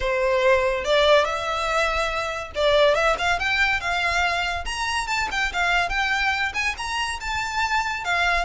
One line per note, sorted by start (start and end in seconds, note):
0.00 0.84 C5
0.84 1.24 D5
1.24 2.51 E5
2.55 2.94 D5
2.94 3.16 E5
3.18 3.39 F5
3.39 3.80 G5
3.80 4.64 F5
4.65 5.07 A#5
5.07 5.28 A5
5.31 5.52 G5
5.52 5.89 F5
5.89 6.52 G5
6.54 6.75 G#5
6.77 7.19 A#5
7.20 8.04 A5
8.04 8.45 F5